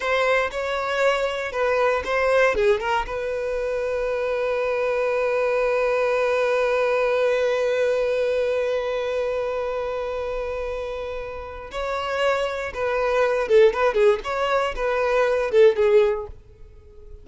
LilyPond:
\new Staff \with { instrumentName = "violin" } { \time 4/4 \tempo 4 = 118 c''4 cis''2 b'4 | c''4 gis'8 ais'8 b'2~ | b'1~ | b'1~ |
b'1~ | b'2. cis''4~ | cis''4 b'4. a'8 b'8 gis'8 | cis''4 b'4. a'8 gis'4 | }